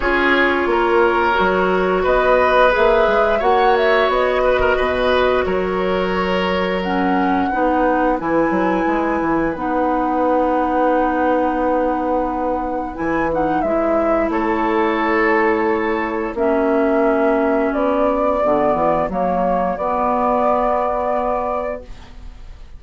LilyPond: <<
  \new Staff \with { instrumentName = "flute" } { \time 4/4 \tempo 4 = 88 cis''2. dis''4 | e''4 fis''8 e''8 dis''2 | cis''2 fis''2 | gis''2 fis''2~ |
fis''2. gis''8 fis''8 | e''4 cis''2. | e''2 d''2 | cis''4 d''2. | }
  \new Staff \with { instrumentName = "oboe" } { \time 4/4 gis'4 ais'2 b'4~ | b'4 cis''4. b'16 ais'16 b'4 | ais'2. b'4~ | b'1~ |
b'1~ | b'4 a'2. | fis'1~ | fis'1 | }
  \new Staff \with { instrumentName = "clarinet" } { \time 4/4 f'2 fis'2 | gis'4 fis'2.~ | fis'2 cis'4 dis'4 | e'2 dis'2~ |
dis'2. e'8 dis'8 | e'1 | cis'2. b4 | ais4 b2. | }
  \new Staff \with { instrumentName = "bassoon" } { \time 4/4 cis'4 ais4 fis4 b4 | ais8 gis8 ais4 b4 b,4 | fis2. b4 | e8 fis8 gis8 e8 b2~ |
b2. e4 | gis4 a2. | ais2 b4 d8 e8 | fis4 b2. | }
>>